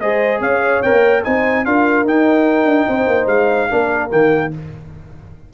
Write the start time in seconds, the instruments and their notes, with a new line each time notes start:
0.00 tuba G#3, trombone G#4, horn C5, trumpet D#5
0.40 tuba C#4, horn C#5, trumpet F5
0.82 tuba C4, trombone A#4, trumpet G5
0.92 tuba A#3
1.24 tuba C4, trombone D#4, horn C5, trumpet G#5
1.65 tuba D4, trombone F4, horn A#4, trumpet F5
2.05 tuba D#4, trombone D#4, trumpet G5
2.65 tuba D4
2.88 tuba C4, horn C5
3.07 tuba A#3
3.27 tuba G#3, trumpet F5
3.69 tuba A#3, trombone D4, horn A#4
4.10 tuba D#3, trombone A#3, trumpet G5